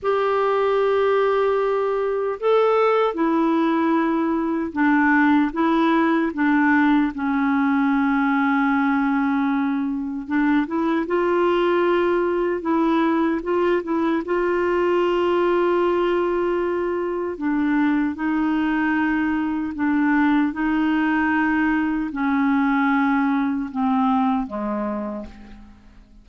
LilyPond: \new Staff \with { instrumentName = "clarinet" } { \time 4/4 \tempo 4 = 76 g'2. a'4 | e'2 d'4 e'4 | d'4 cis'2.~ | cis'4 d'8 e'8 f'2 |
e'4 f'8 e'8 f'2~ | f'2 d'4 dis'4~ | dis'4 d'4 dis'2 | cis'2 c'4 gis4 | }